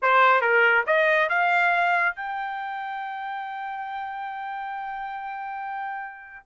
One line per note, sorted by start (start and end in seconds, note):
0.01 0.41 C5
0.41 0.84 A#4
0.86 1.29 D#5
1.29 2.15 F5
2.15 6.46 G5